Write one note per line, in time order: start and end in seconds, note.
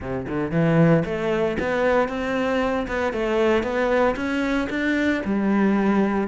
0.00 0.27 C3
0.28 0.51 D3
0.51 1.03 E3
1.05 1.57 A3
1.59 2.08 B3
2.08 2.86 C4
2.87 3.12 B3
3.12 3.63 A3
3.63 4.15 B3
4.15 4.68 C#4
4.69 5.22 D4
5.24 6.27 G3